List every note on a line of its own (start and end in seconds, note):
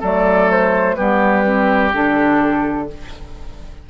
0.00 0.97 F#3
0.00 0.97 A3
0.00 0.95 A4
0.00 0.51 D5
0.51 0.95 C5
0.95 1.93 G3
0.95 1.44 B3
0.95 2.87 G4
0.95 1.90 B4
1.44 1.91 C4
1.92 2.89 D3
1.92 2.87 D4
1.92 2.89 A4